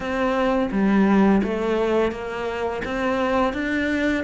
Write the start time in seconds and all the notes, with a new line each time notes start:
0.00 C4
0.71 G3
1.43 A3
2.11 A#3
2.84 C4
3.53 D4